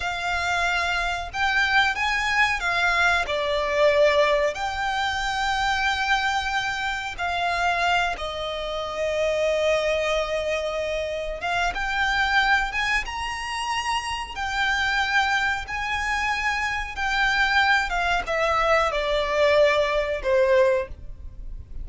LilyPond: \new Staff \with { instrumentName = "violin" } { \time 4/4 \tempo 4 = 92 f''2 g''4 gis''4 | f''4 d''2 g''4~ | g''2. f''4~ | f''8 dis''2.~ dis''8~ |
dis''4. f''8 g''4. gis''8 | ais''2 g''2 | gis''2 g''4. f''8 | e''4 d''2 c''4 | }